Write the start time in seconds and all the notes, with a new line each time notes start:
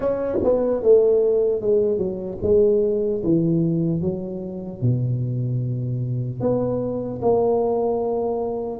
0.00 C#4
0.43 B3
0.82 A3
1.61 G#3
1.98 F#3
2.42 G#3
3.23 E3
4.01 F#3
4.81 B2
6.40 B3
7.21 A#3